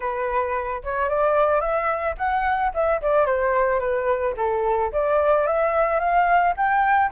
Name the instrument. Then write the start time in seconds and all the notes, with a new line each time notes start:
flute
0.00 B4
0.83 C#5
1.09 D5
1.60 E5
2.17 F#5
2.73 E5
3.01 D5
3.26 C5
3.79 B4
4.37 A4
4.92 D5
5.47 E5
5.99 F5
6.56 G5